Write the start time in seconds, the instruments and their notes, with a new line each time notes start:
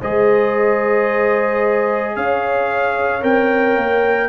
0.00 tuba G#3, trombone G#4, horn C5, trumpet D#5
2.15 tuba C#4, horn C#5, trumpet F5
3.21 tuba C4, trombone A#4, trumpet G5
3.76 tuba A#3